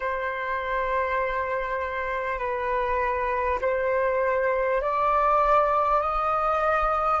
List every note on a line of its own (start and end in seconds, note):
0.00 2.38 C5
2.38 3.58 B4
3.61 4.81 C5
4.81 6.01 D5
6.01 7.20 D#5